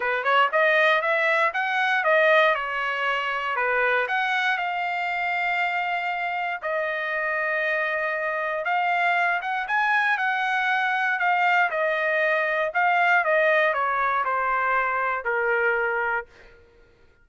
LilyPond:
\new Staff \with { instrumentName = "trumpet" } { \time 4/4 \tempo 4 = 118 b'8 cis''8 dis''4 e''4 fis''4 | dis''4 cis''2 b'4 | fis''4 f''2.~ | f''4 dis''2.~ |
dis''4 f''4. fis''8 gis''4 | fis''2 f''4 dis''4~ | dis''4 f''4 dis''4 cis''4 | c''2 ais'2 | }